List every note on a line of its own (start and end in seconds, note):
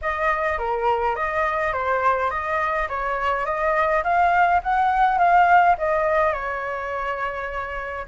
0.01 0.58 D#5
0.58 1.15 A#4
1.15 1.72 D#5
1.72 2.30 C5
2.30 2.88 D#5
2.88 3.45 C#5
3.45 4.03 D#5
4.03 4.61 F5
4.63 5.18 F#5
5.18 5.76 F5
5.78 6.32 D#5
6.32 8.05 C#5